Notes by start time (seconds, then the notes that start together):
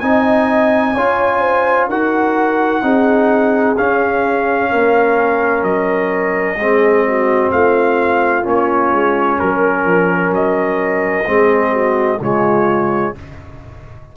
0.00 C4 D#4 D#5 G#5
0.95 C#4 F4 C#5
1.41 C5
1.89 D#4 F#4 A#4 F#5
2.82 C4 D#4 G#4
3.77 C#4 F5
4.71 A#3 A#4
5.63 F#3 D#5
6.56 G#3 C4 G#4
7.07 F#4
7.52 A3 F4 F5
8.43 A#3 C#4 C#5
8.92 G#3
9.40 F#3 A#4
9.85 F3
10.31 F#3 D#5
11.25 G#3 C4 G#4
11.73 F#4
12.20 C#3 G#3 F4 C#5